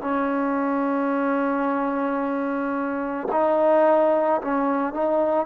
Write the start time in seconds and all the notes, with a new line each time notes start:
0.00 C#4
3.31 D#4
4.41 C#4
4.93 D#4